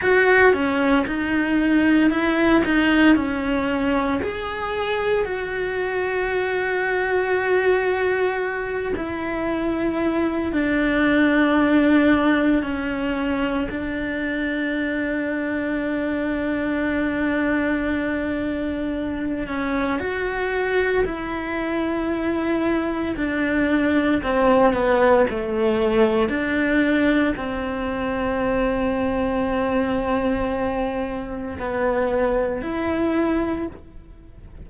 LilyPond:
\new Staff \with { instrumentName = "cello" } { \time 4/4 \tempo 4 = 57 fis'8 cis'8 dis'4 e'8 dis'8 cis'4 | gis'4 fis'2.~ | fis'8 e'4. d'2 | cis'4 d'2.~ |
d'2~ d'8 cis'8 fis'4 | e'2 d'4 c'8 b8 | a4 d'4 c'2~ | c'2 b4 e'4 | }